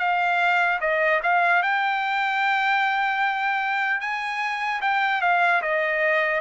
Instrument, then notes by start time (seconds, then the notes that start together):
trumpet
0.00 F5
0.81 D#5
1.23 F5
1.63 G5
4.01 G#5
4.82 G5
5.22 F5
5.62 D#5